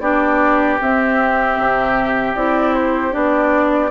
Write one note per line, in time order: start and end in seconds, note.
0.00 0.78 B3
0.00 0.79 D4
0.00 3.91 G4
0.00 0.78 D5
0.81 2.35 C4
0.81 1.58 C4
0.81 2.35 E5
1.58 2.35 C3
2.35 3.13 C4
2.35 3.11 E4
2.35 2.74 D5
2.74 3.13 C5
3.11 3.91 B3
3.11 3.89 D4
3.11 3.91 D5